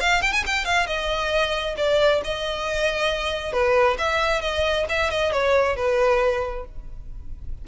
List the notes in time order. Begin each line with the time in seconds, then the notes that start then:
0.00 F5
0.22 G5
0.33 G#5
0.46 G5
0.65 F5
0.86 D#5
1.77 D5
2.24 D#5
3.52 B4
3.98 E5
4.41 D#5
4.89 E5
5.10 D#5
5.32 C#5
5.76 B4